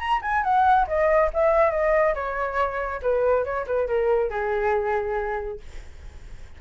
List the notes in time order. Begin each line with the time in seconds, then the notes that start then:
0.00 A#5
0.22 G#5
0.44 F#5
0.88 D#5
1.34 E5
1.71 D#5
2.15 C#5
3.03 B4
3.45 C#5
3.67 B4
3.88 A#4
4.31 G#4